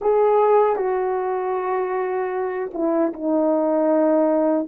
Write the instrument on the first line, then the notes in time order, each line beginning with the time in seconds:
horn
0.01 G#4
0.75 F#4
2.73 E4
3.13 D#4